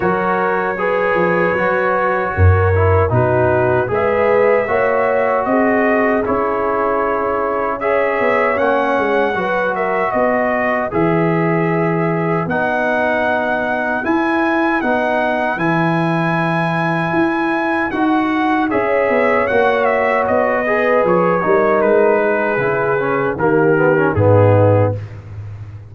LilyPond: <<
  \new Staff \with { instrumentName = "trumpet" } { \time 4/4 \tempo 4 = 77 cis''1 | b'4 e''2 dis''4 | cis''2 e''4 fis''4~ | fis''8 e''8 dis''4 e''2 |
fis''2 gis''4 fis''4 | gis''2. fis''4 | e''4 fis''8 e''8 dis''4 cis''4 | b'2 ais'4 gis'4 | }
  \new Staff \with { instrumentName = "horn" } { \time 4/4 ais'4 b'2 ais'4 | fis'4 b'4 cis''4 gis'4~ | gis'2 cis''2 | b'8 ais'8 b'2.~ |
b'1~ | b'1 | cis''2~ cis''8 b'4 ais'8~ | ais'8 gis'4. g'4 dis'4 | }
  \new Staff \with { instrumentName = "trombone" } { \time 4/4 fis'4 gis'4 fis'4. e'8 | dis'4 gis'4 fis'2 | e'2 gis'4 cis'4 | fis'2 gis'2 |
dis'2 e'4 dis'4 | e'2. fis'4 | gis'4 fis'4. gis'4 dis'8~ | dis'4 e'8 cis'8 ais8 b16 cis'16 b4 | }
  \new Staff \with { instrumentName = "tuba" } { \time 4/4 fis4. f8 fis4 fis,4 | b,4 gis4 ais4 c'4 | cis'2~ cis'8 b8 ais8 gis8 | fis4 b4 e2 |
b2 e'4 b4 | e2 e'4 dis'4 | cis'8 b8 ais4 b4 f8 g8 | gis4 cis4 dis4 gis,4 | }
>>